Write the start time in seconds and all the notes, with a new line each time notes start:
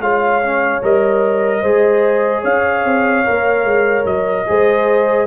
0.00 G#3 F4 C#5 F5
0.42 C#4
0.82 G3 A#4 D#5
1.61 G#3 G#4 C5
2.41 C#4 C#5 F5
2.84 C4
3.25 A#3 A#4
3.64 G#3
4.05 F#3 D#5
4.46 G#3 G#4 C5